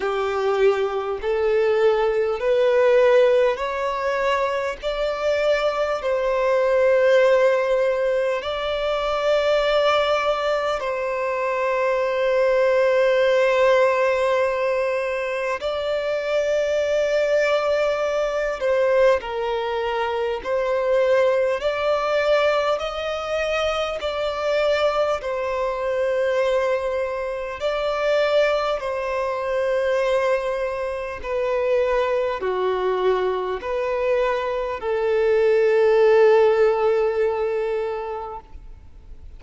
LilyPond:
\new Staff \with { instrumentName = "violin" } { \time 4/4 \tempo 4 = 50 g'4 a'4 b'4 cis''4 | d''4 c''2 d''4~ | d''4 c''2.~ | c''4 d''2~ d''8 c''8 |
ais'4 c''4 d''4 dis''4 | d''4 c''2 d''4 | c''2 b'4 fis'4 | b'4 a'2. | }